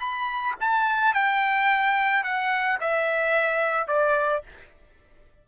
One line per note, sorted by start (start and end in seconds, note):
0.00 0.55 B5
0.60 1.14 A5
1.14 2.23 G5
2.23 2.78 F#5
2.80 3.88 E5
3.88 4.43 D5